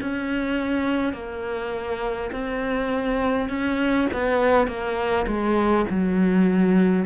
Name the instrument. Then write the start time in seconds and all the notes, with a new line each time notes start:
cello
0.00 C#4
1.13 A#3
2.32 C4
3.49 C#4
4.13 B3
4.67 A#3
5.27 G#3
5.89 F#3